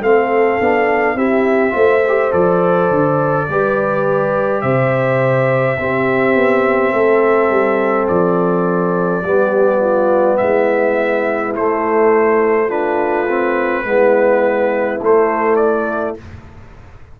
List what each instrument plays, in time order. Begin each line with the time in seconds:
0.00 tuba A3, trombone C4, horn A4, trumpet F5
0.60 tuba B3, trombone D4
1.15 tuba C4, trombone E4, horn G4, trumpet E5
1.70 tuba A3, trombone F4, horn C5
2.07 trombone G4
2.31 tuba F3, trombone A4, trumpet D5
2.90 tuba D3
3.49 tuba G3, trombone G4, horn B4
4.61 tuba C3, horn C5, trumpet E5
5.77 trombone C4, tuba C4, horn G4
6.34 tuba B3
6.92 tuba A3, horn A4
7.49 tuba G3
8.08 tuba F3, trumpet D5
9.23 tuba G3, trombone B3, horn G4
9.80 horn F4
10.37 tuba G#3, horn E4, trumpet E5
11.56 trombone A3, tuba A3, trumpet C5
12.68 trombone D4, horn F4, trumpet B4
13.28 trombone C4
13.84 tuba G#3, trombone B3, horn E4
15.01 tuba A3, trombone A3, trumpet C5
15.56 trumpet D5